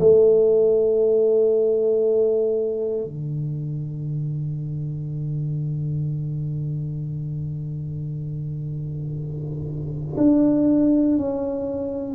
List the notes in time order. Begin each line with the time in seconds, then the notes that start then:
0.00 A3
3.04 D3
10.17 D4
11.18 C#4